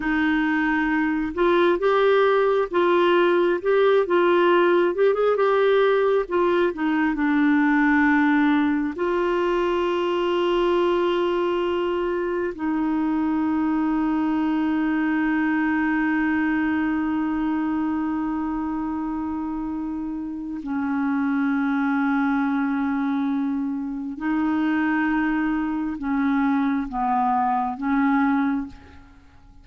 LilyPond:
\new Staff \with { instrumentName = "clarinet" } { \time 4/4 \tempo 4 = 67 dis'4. f'8 g'4 f'4 | g'8 f'4 g'16 gis'16 g'4 f'8 dis'8 | d'2 f'2~ | f'2 dis'2~ |
dis'1~ | dis'2. cis'4~ | cis'2. dis'4~ | dis'4 cis'4 b4 cis'4 | }